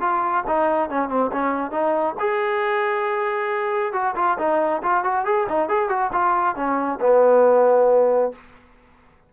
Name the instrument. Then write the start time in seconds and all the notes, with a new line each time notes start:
trombone
0.00 F4
0.47 D#4
0.89 C#4
1.08 C4
1.32 C#4
1.71 D#4
2.19 G#4
3.93 F#4
4.15 F4
4.38 D#4
4.82 F4
5.04 F#4
5.25 G#4
5.48 D#4
5.68 G#4
5.89 F#4
6.12 F4
6.55 C#4
7.00 B3